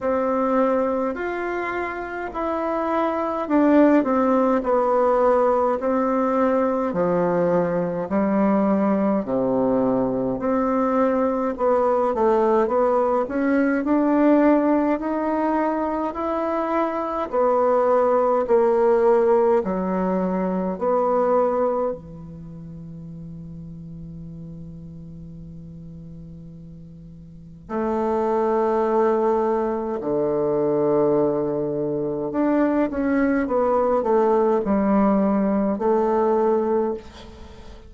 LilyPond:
\new Staff \with { instrumentName = "bassoon" } { \time 4/4 \tempo 4 = 52 c'4 f'4 e'4 d'8 c'8 | b4 c'4 f4 g4 | c4 c'4 b8 a8 b8 cis'8 | d'4 dis'4 e'4 b4 |
ais4 fis4 b4 e4~ | e1 | a2 d2 | d'8 cis'8 b8 a8 g4 a4 | }